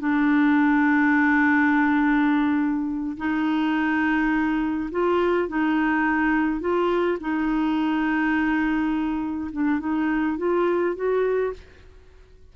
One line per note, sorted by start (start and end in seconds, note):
0.00 3.17 D4
3.18 4.91 D#4
4.91 5.49 F4
5.49 6.61 D#4
6.61 7.19 F4
7.21 9.51 D#4
9.53 9.80 D4
9.80 10.38 D#4
10.38 10.96 F4
10.96 11.54 F#4